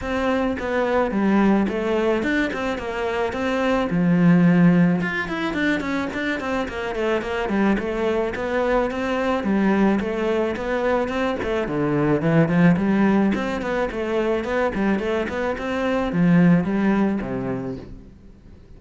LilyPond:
\new Staff \with { instrumentName = "cello" } { \time 4/4 \tempo 4 = 108 c'4 b4 g4 a4 | d'8 c'8 ais4 c'4 f4~ | f4 f'8 e'8 d'8 cis'8 d'8 c'8 | ais8 a8 ais8 g8 a4 b4 |
c'4 g4 a4 b4 | c'8 a8 d4 e8 f8 g4 | c'8 b8 a4 b8 g8 a8 b8 | c'4 f4 g4 c4 | }